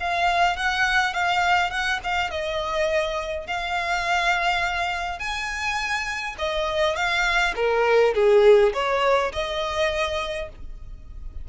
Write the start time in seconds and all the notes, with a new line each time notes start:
0.00 F5
0.57 F#5
1.14 F5
1.71 F#5
2.04 F5
2.31 D#5
3.47 F5
5.20 G#5
6.39 D#5
6.96 F5
7.56 A#4
8.15 G#4
8.74 C#5
9.33 D#5